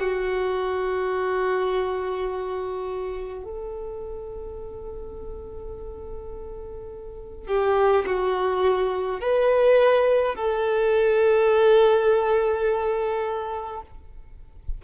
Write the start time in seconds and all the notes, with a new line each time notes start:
0.00 F#4
3.45 A4
7.47 G4
8.06 F#4
9.20 B4
10.36 A4